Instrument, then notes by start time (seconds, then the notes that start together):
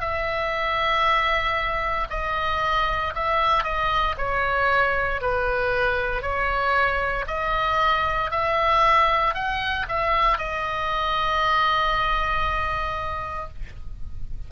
oboe
0.00 E5
2.10 D#5
3.15 E5
3.63 D#5
4.18 C#5
5.21 B4
6.22 C#5
7.27 D#5
8.31 E5
9.34 F#5
9.88 E5
10.38 D#5